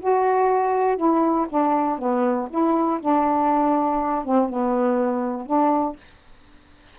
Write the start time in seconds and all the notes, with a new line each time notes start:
0.00 F#4
0.97 E4
1.49 D4
1.98 B3
2.50 E4
3.01 D4
4.25 C4
4.49 B3
5.46 D4